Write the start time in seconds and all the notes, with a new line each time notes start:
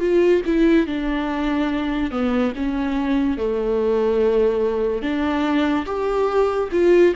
0.00 F4
0.46 E4
0.87 D4
2.11 B3
2.56 C#4
3.37 A3
5.02 D4
5.86 G4
6.72 F4